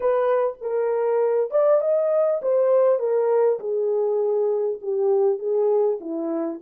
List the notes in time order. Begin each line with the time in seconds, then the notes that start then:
0.00 B4
0.61 A#4
1.50 D5
1.80 D#5
2.42 C5
2.99 A#4
3.59 G#4
4.81 G4
5.38 G#4
6.00 E4